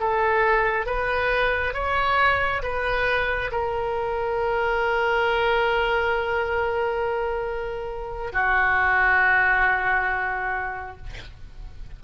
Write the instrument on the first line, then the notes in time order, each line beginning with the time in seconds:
oboe
0.00 A4
0.86 B4
1.73 C#5
2.62 B4
3.52 A#4
8.32 F#4